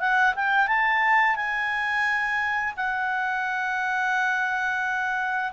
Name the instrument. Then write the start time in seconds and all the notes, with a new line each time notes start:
clarinet
0.00 F#5
0.36 G5
0.67 A5
1.36 G#5
2.77 F#5